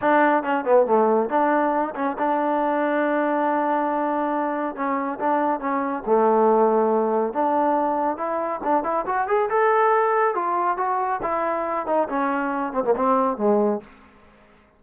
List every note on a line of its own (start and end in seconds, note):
0.01 0.43 D4
0.43 0.64 C#4
0.65 0.86 B3
0.86 1.29 A3
1.29 1.94 D4
1.95 2.16 C#4
2.18 4.75 D4
4.75 5.18 C#4
5.19 5.60 D4
5.60 6.03 C#4
6.06 7.33 A3
7.33 8.17 D4
8.17 8.60 E4
8.63 8.83 D4
8.83 9.05 E4
9.05 9.27 F#4
9.27 9.49 G#4
9.49 10.35 A4
10.35 10.77 F4
10.77 11.20 F#4
11.22 11.86 E4
11.86 12.07 D#4
12.08 12.72 C#4
12.72 12.83 C4
12.84 12.94 A#3
12.95 13.37 C4
13.37 13.80 G#3